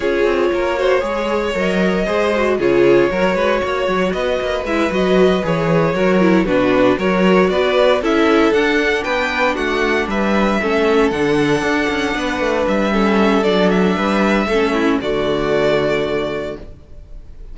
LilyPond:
<<
  \new Staff \with { instrumentName = "violin" } { \time 4/4 \tempo 4 = 116 cis''2. dis''4~ | dis''4 cis''2. | dis''4 e''8 dis''4 cis''4.~ | cis''8 b'4 cis''4 d''4 e''8~ |
e''8 fis''4 g''4 fis''4 e''8~ | e''4. fis''2~ fis''8~ | fis''8 e''4. d''8 e''4.~ | e''4 d''2. | }
  \new Staff \with { instrumentName = "violin" } { \time 4/4 gis'4 ais'8 c''8 cis''2 | c''4 gis'4 ais'8 b'8 cis''4 | b'2.~ b'8 ais'8~ | ais'8 fis'4 ais'4 b'4 a'8~ |
a'4. b'4 fis'4 b'8~ | b'8 a'2. b'8~ | b'4 a'2 b'4 | a'8 e'8 fis'2. | }
  \new Staff \with { instrumentName = "viola" } { \time 4/4 f'4. fis'8 gis'4 ais'4 | gis'8 fis'8 f'4 fis'2~ | fis'4 e'8 fis'4 gis'4 fis'8 | e'8 d'4 fis'2 e'8~ |
e'8 d'2.~ d'8~ | d'8 cis'4 d'2~ d'8~ | d'4 cis'4 d'2 | cis'4 a2. | }
  \new Staff \with { instrumentName = "cello" } { \time 4/4 cis'8 c'8 ais4 gis4 fis4 | gis4 cis4 fis8 gis8 ais8 fis8 | b8 ais8 gis8 fis4 e4 fis8~ | fis8 b,4 fis4 b4 cis'8~ |
cis'8 d'4 b4 a4 g8~ | g8 a4 d4 d'8 cis'8 b8 | a8 g4. fis4 g4 | a4 d2. | }
>>